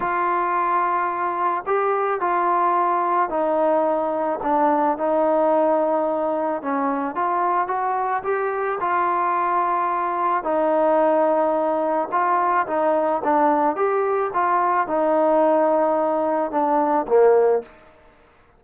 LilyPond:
\new Staff \with { instrumentName = "trombone" } { \time 4/4 \tempo 4 = 109 f'2. g'4 | f'2 dis'2 | d'4 dis'2. | cis'4 f'4 fis'4 g'4 |
f'2. dis'4~ | dis'2 f'4 dis'4 | d'4 g'4 f'4 dis'4~ | dis'2 d'4 ais4 | }